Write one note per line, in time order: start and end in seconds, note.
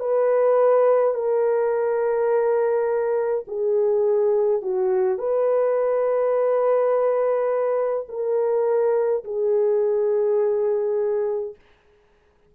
0.00 1.14 B4
1.14 3.45 A#4
3.47 4.62 G#4
4.62 5.18 F#4
5.18 8.07 B4
8.09 9.24 A#4
9.25 11.55 G#4